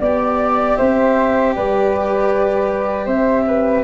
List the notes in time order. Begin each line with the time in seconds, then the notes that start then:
0.00 B3 G4 D5
0.77 C4 C5 E5
1.55 G3 B4 D5
3.06 C4 C5 E5
3.48 B4